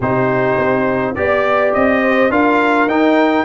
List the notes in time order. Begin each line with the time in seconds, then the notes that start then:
0.00 C3 D#4 G4 C5
0.58 C4
1.15 B3 G4 D5
1.73 C4 D#5
2.01 C5
2.30 D4 F4 A#4 F5
2.86 D#4 G5